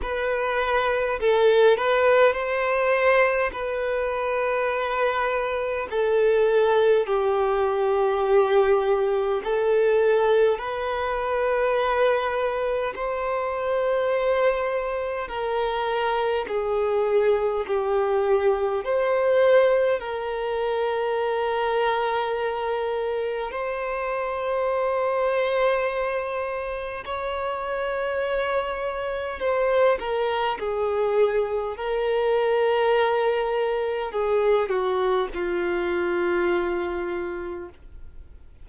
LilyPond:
\new Staff \with { instrumentName = "violin" } { \time 4/4 \tempo 4 = 51 b'4 a'8 b'8 c''4 b'4~ | b'4 a'4 g'2 | a'4 b'2 c''4~ | c''4 ais'4 gis'4 g'4 |
c''4 ais'2. | c''2. cis''4~ | cis''4 c''8 ais'8 gis'4 ais'4~ | ais'4 gis'8 fis'8 f'2 | }